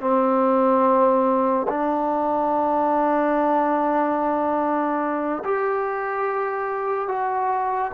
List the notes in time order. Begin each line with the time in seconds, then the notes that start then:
0.00 C4
1.68 D4
5.44 G4
7.08 F#4